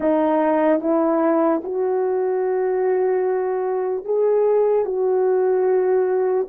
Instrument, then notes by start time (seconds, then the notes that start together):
horn
0.00 D#4
0.80 E4
1.63 F#4
4.04 G#4
4.85 F#4